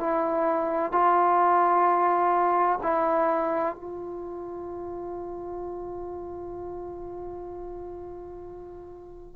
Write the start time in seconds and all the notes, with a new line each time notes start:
0.00 E4
0.92 F4
2.83 E4
3.75 F4